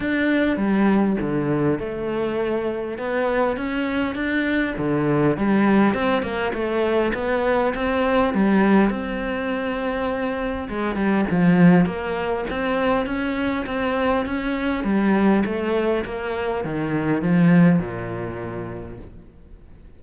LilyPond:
\new Staff \with { instrumentName = "cello" } { \time 4/4 \tempo 4 = 101 d'4 g4 d4 a4~ | a4 b4 cis'4 d'4 | d4 g4 c'8 ais8 a4 | b4 c'4 g4 c'4~ |
c'2 gis8 g8 f4 | ais4 c'4 cis'4 c'4 | cis'4 g4 a4 ais4 | dis4 f4 ais,2 | }